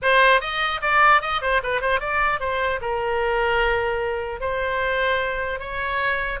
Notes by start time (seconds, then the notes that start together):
0.01 C5
0.40 D#5
0.81 D5
1.21 D#5
1.41 C5
1.63 B4
1.81 C5
2.00 D5
2.39 C5
2.81 A#4
4.40 C5
5.59 C#5